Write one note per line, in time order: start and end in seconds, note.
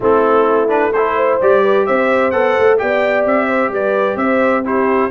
0.00 1.40 A3
0.00 0.68 C4
0.00 0.93 E4
0.00 0.69 A4
0.68 0.91 D4
0.68 0.92 B4
0.92 1.41 E4
0.92 1.16 A4
0.92 1.39 C5
1.16 1.62 C5
1.41 1.87 G3
1.41 2.32 G4
1.41 1.85 D5
1.62 1.86 B4
1.85 2.33 C4
1.85 2.80 C5
1.85 2.30 E5
2.30 2.56 B3
2.30 2.77 A4
2.30 2.77 F#5
2.58 2.81 A3
2.77 3.25 B3
2.77 4.63 G4
2.77 3.47 D5
2.77 3.24 G5
3.25 3.68 C4
3.25 3.73 E5
3.47 3.70 C5
3.68 4.15 G3
3.68 4.19 B4
3.68 4.17 D5
4.16 5.09 C4
4.16 4.65 C5
4.16 4.63 E5
4.64 5.10 E4
4.64 5.10 G4
4.64 5.10 C5